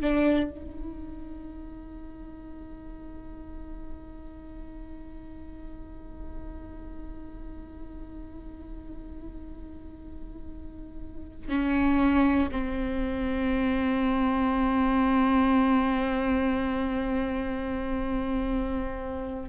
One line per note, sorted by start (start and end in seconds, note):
0.00 0.50 D4
0.50 11.49 D#4
11.49 12.49 C#4
12.51 19.49 C4